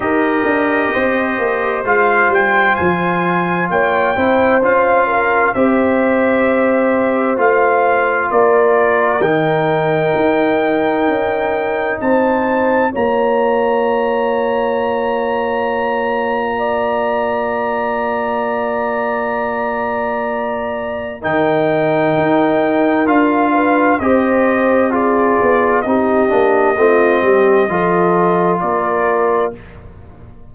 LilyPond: <<
  \new Staff \with { instrumentName = "trumpet" } { \time 4/4 \tempo 4 = 65 dis''2 f''8 g''8 gis''4 | g''4 f''4 e''2 | f''4 d''4 g''2~ | g''4 a''4 ais''2~ |
ais''1~ | ais''2. g''4~ | g''4 f''4 dis''4 d''4 | dis''2. d''4 | }
  \new Staff \with { instrumentName = "horn" } { \time 4/4 ais'4 c''2. | cis''8 c''4 ais'8 c''2~ | c''4 ais'2.~ | ais'4 c''4 cis''2~ |
cis''2 d''2~ | d''2. ais'4~ | ais'4. b'8 c''4 gis'4 | g'4 f'8 g'8 a'4 ais'4 | }
  \new Staff \with { instrumentName = "trombone" } { \time 4/4 g'2 f'2~ | f'8 e'8 f'4 g'2 | f'2 dis'2~ | dis'2 f'2~ |
f'1~ | f'2. dis'4~ | dis'4 f'4 g'4 f'4 | dis'8 d'8 c'4 f'2 | }
  \new Staff \with { instrumentName = "tuba" } { \time 4/4 dis'8 d'8 c'8 ais8 gis8 g8 f4 | ais8 c'8 cis'4 c'2 | a4 ais4 dis4 dis'4 | cis'4 c'4 ais2~ |
ais1~ | ais2. dis4 | dis'4 d'4 c'4. b8 | c'8 ais8 a8 g8 f4 ais4 | }
>>